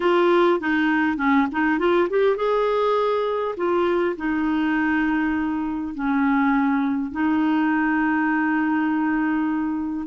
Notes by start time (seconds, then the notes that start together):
0.00 F4
0.59 D#4
1.17 C#4
1.51 D#4
1.78 F4
2.09 G4
2.36 G#4
3.56 F4
4.17 D#4
5.94 C#4
7.11 D#4